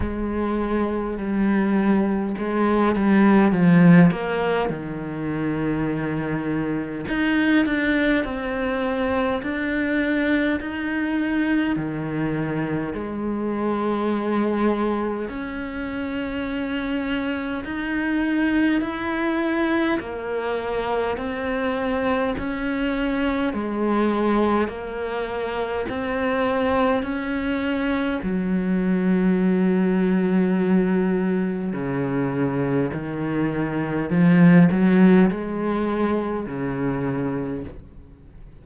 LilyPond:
\new Staff \with { instrumentName = "cello" } { \time 4/4 \tempo 4 = 51 gis4 g4 gis8 g8 f8 ais8 | dis2 dis'8 d'8 c'4 | d'4 dis'4 dis4 gis4~ | gis4 cis'2 dis'4 |
e'4 ais4 c'4 cis'4 | gis4 ais4 c'4 cis'4 | fis2. cis4 | dis4 f8 fis8 gis4 cis4 | }